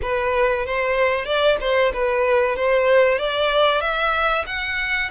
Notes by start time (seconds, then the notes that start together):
0.02 B4
0.66 C5
1.25 D5
1.60 C5
1.93 B4
2.55 C5
3.18 D5
3.80 E5
4.46 F#5